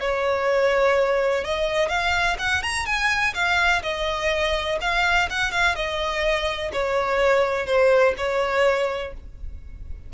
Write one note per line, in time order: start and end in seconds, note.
0.00 1.44 C#5
1.44 1.89 D#5
1.89 2.37 F5
2.38 2.62 F#5
2.62 2.86 A#5
2.86 3.34 G#5
3.34 3.82 F5
3.82 4.78 D#5
4.81 5.29 F5
5.30 5.51 F#5
5.51 5.75 F5
5.76 6.72 D#5
6.72 7.66 C#5
7.66 8.14 C5
8.18 9.14 C#5